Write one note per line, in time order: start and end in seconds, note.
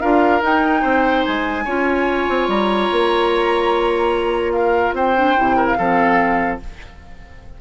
0.00 0.41 D4
0.00 0.40 F4
0.00 0.81 A#4
0.00 0.41 F5
0.40 1.64 D#4
0.40 0.82 D#4
0.40 1.24 G5
0.81 1.24 C4
0.81 1.64 C5
1.24 1.65 G#3
1.24 2.48 G#5
1.64 2.27 C#4
1.64 5.16 F4
1.64 4.52 C#5
2.28 2.48 C4
2.48 2.89 G3
2.48 4.52 A#5
2.91 4.92 A#3
4.52 4.95 A#4
4.52 4.93 F5
4.92 5.34 C4
4.92 5.56 C5
4.92 5.66 G5
5.16 5.36 D4
5.36 5.78 C3
5.36 5.77 E4
5.56 5.76 A#4
5.66 6.58 F5
5.78 6.60 F3
5.78 6.60 C4
5.78 6.60 A4